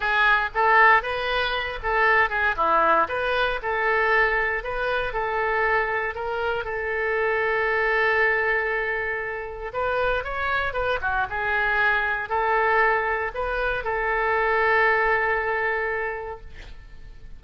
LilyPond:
\new Staff \with { instrumentName = "oboe" } { \time 4/4 \tempo 4 = 117 gis'4 a'4 b'4. a'8~ | a'8 gis'8 e'4 b'4 a'4~ | a'4 b'4 a'2 | ais'4 a'2.~ |
a'2. b'4 | cis''4 b'8 fis'8 gis'2 | a'2 b'4 a'4~ | a'1 | }